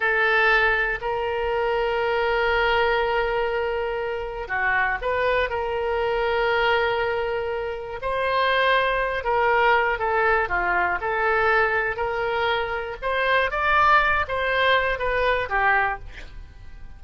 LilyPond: \new Staff \with { instrumentName = "oboe" } { \time 4/4 \tempo 4 = 120 a'2 ais'2~ | ais'1~ | ais'4 fis'4 b'4 ais'4~ | ais'1 |
c''2~ c''8 ais'4. | a'4 f'4 a'2 | ais'2 c''4 d''4~ | d''8 c''4. b'4 g'4 | }